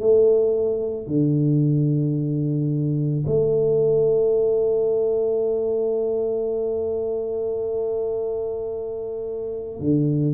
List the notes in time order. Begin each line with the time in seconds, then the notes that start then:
0.00 A3
1.07 D3
3.26 A3
9.80 D3